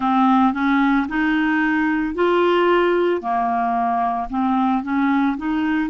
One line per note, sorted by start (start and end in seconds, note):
0.00 0.53 C4
0.53 1.07 C#4
1.08 2.14 D#4
2.14 3.21 F4
3.21 4.28 A#3
4.29 4.83 C4
4.83 5.36 C#4
5.37 5.89 D#4